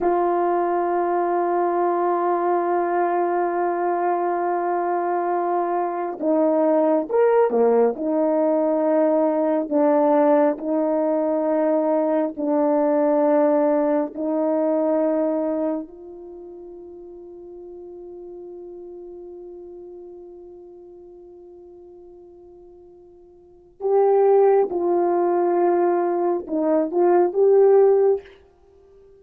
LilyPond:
\new Staff \with { instrumentName = "horn" } { \time 4/4 \tempo 4 = 68 f'1~ | f'2. dis'4 | ais'8 ais8 dis'2 d'4 | dis'2 d'2 |
dis'2 f'2~ | f'1~ | f'2. g'4 | f'2 dis'8 f'8 g'4 | }